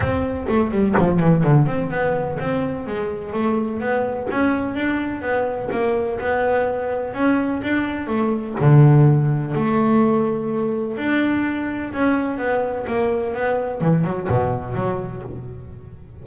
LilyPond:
\new Staff \with { instrumentName = "double bass" } { \time 4/4 \tempo 4 = 126 c'4 a8 g8 f8 e8 d8 c'8 | b4 c'4 gis4 a4 | b4 cis'4 d'4 b4 | ais4 b2 cis'4 |
d'4 a4 d2 | a2. d'4~ | d'4 cis'4 b4 ais4 | b4 e8 fis8 b,4 fis4 | }